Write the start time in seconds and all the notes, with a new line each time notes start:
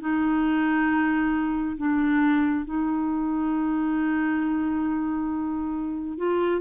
0.00 D#4
1.77 D4
2.65 D#4
6.18 F4